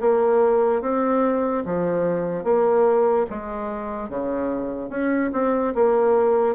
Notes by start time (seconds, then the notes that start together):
0.00 A#3
0.81 C4
1.65 F3
2.44 A#3
3.30 G#3
4.09 C#3
4.89 C#4
5.32 C4
5.74 A#3